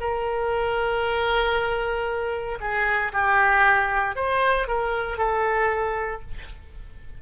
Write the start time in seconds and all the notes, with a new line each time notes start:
0.00 A#4
2.61 G#4
3.13 G4
4.16 C5
4.68 A#4
5.18 A4